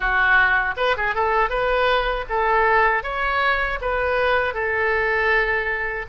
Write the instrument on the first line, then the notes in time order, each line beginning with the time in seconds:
oboe
0.00 F#4
0.76 B4
0.97 G#4
1.14 A4
1.49 B4
2.29 A4
3.03 C#5
3.81 B4
4.54 A4